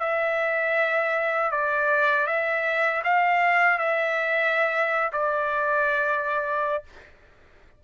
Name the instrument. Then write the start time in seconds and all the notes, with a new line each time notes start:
trumpet
0.00 E5
1.52 D5
2.27 E5
3.04 F5
3.79 E5
5.13 D5